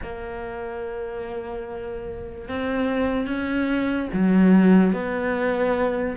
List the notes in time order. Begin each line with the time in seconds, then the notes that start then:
0.02 A#3
2.48 C4
3.27 C#4
4.13 F#3
4.92 B3